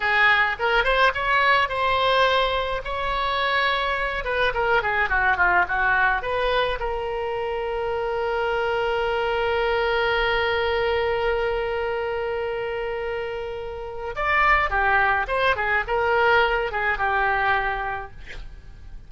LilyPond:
\new Staff \with { instrumentName = "oboe" } { \time 4/4 \tempo 4 = 106 gis'4 ais'8 c''8 cis''4 c''4~ | c''4 cis''2~ cis''8 b'8 | ais'8 gis'8 fis'8 f'8 fis'4 b'4 | ais'1~ |
ais'1~ | ais'1~ | ais'4 d''4 g'4 c''8 gis'8 | ais'4. gis'8 g'2 | }